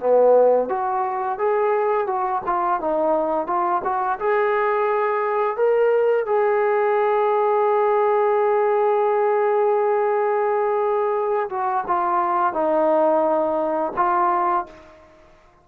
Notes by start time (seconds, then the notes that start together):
0.00 B3
0.69 F#4
1.39 G#4
2.07 F#4
2.46 F4
2.81 D#4
3.47 F4
3.84 F#4
4.20 G#4
5.57 A#4
6.26 G#4
11.50 F#4
11.88 F4
12.54 D#4
13.97 F4